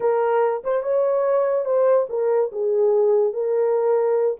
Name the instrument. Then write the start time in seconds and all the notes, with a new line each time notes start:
horn
0.00 A#4
0.64 C5
0.83 C#5
1.65 C5
2.09 A#4
2.52 G#4
3.33 A#4